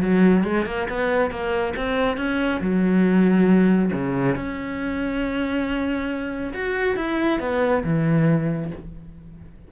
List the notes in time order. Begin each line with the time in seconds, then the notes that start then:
0.00 F#3
0.43 G#3
0.66 A#3
0.89 B3
1.30 A#3
1.76 C4
2.17 C#4
2.61 F#3
3.92 C#3
4.35 C#4
6.53 F#4
6.96 E4
7.40 B3
7.84 E3